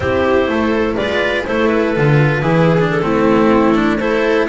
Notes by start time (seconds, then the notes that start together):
0.00 C4 E4 G4 C5
0.47 A3 A4
0.96 G#3 F4 B4 D5
1.45 A3 E4 A4 C5
1.68 B4
1.95 D3 F4
2.41 E3 E4 G#4
2.79 D4
2.90 A4
3.02 A3 C4 E4
3.74 D4
3.97 E4 A4 C5